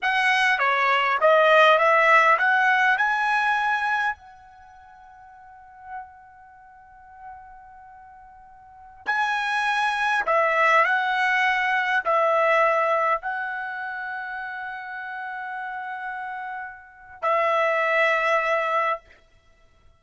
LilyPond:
\new Staff \with { instrumentName = "trumpet" } { \time 4/4 \tempo 4 = 101 fis''4 cis''4 dis''4 e''4 | fis''4 gis''2 fis''4~ | fis''1~ | fis''2.~ fis''16 gis''8.~ |
gis''4~ gis''16 e''4 fis''4.~ fis''16~ | fis''16 e''2 fis''4.~ fis''16~ | fis''1~ | fis''4 e''2. | }